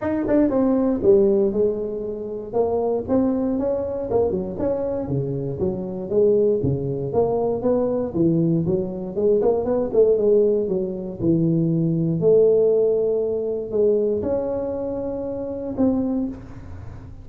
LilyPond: \new Staff \with { instrumentName = "tuba" } { \time 4/4 \tempo 4 = 118 dis'8 d'8 c'4 g4 gis4~ | gis4 ais4 c'4 cis'4 | ais8 fis8 cis'4 cis4 fis4 | gis4 cis4 ais4 b4 |
e4 fis4 gis8 ais8 b8 a8 | gis4 fis4 e2 | a2. gis4 | cis'2. c'4 | }